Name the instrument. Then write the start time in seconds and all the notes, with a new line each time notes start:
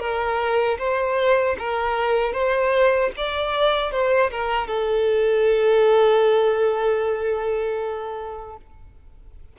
violin
0.00 A#4
0.79 C5
1.59 A#4
2.33 C5
3.17 D5
3.92 C5
4.31 A#4
4.68 A4